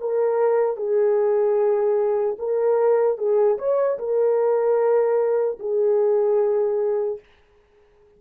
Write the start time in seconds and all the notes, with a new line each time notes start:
0.00 A#4
0.76 G#4
2.39 A#4
3.18 G#4
3.58 C#5
3.99 A#4
5.59 G#4